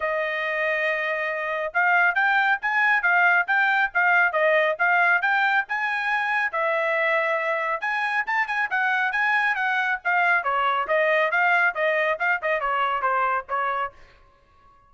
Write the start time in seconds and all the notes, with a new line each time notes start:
0.00 D#5
1.73 F5
2.14 G5
2.61 G#5
3.02 F5
3.47 G5
3.93 F5
4.32 D#5
4.78 F5
5.21 G5
5.68 G#5
6.52 E5
7.80 G#5
8.26 A5
8.47 G#5
8.70 F#5
9.12 G#5
9.55 F#5
10.04 F5
10.43 C#5
10.87 D#5
11.31 F5
11.74 D#5
12.19 F5
12.42 D#5
12.60 C#5
13.01 C5
13.49 C#5